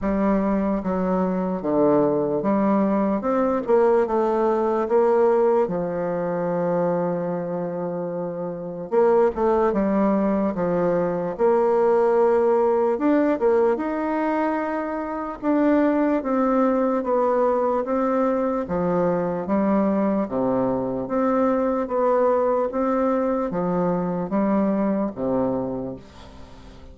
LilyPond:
\new Staff \with { instrumentName = "bassoon" } { \time 4/4 \tempo 4 = 74 g4 fis4 d4 g4 | c'8 ais8 a4 ais4 f4~ | f2. ais8 a8 | g4 f4 ais2 |
d'8 ais8 dis'2 d'4 | c'4 b4 c'4 f4 | g4 c4 c'4 b4 | c'4 f4 g4 c4 | }